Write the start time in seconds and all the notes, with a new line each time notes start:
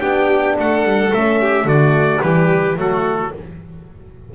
0.00 B3 D4 G4 G5
0.59 A3 A4 F#5
0.84 G3
1.14 A3 C#4 E5
1.41 G4
1.65 D3 A3 F#4 D5
2.22 E3 G3 G4 B4
2.75 F#3 A3 F#4 A4